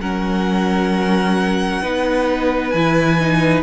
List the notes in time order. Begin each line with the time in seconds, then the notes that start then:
0.00 F#3 C#4 A#4 F#5
1.82 B3 D#4 B4
2.69 E3 G#5
2.76 E4
3.20 D#4